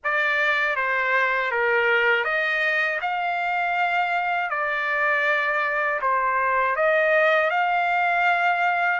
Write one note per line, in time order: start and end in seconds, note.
0.03 0.76 D5
0.76 1.51 C5
1.51 2.24 A#4
2.24 2.99 D#5
3.01 4.50 F5
4.50 6.00 D5
6.01 6.76 C5
6.76 7.50 D#5
7.50 9.00 F5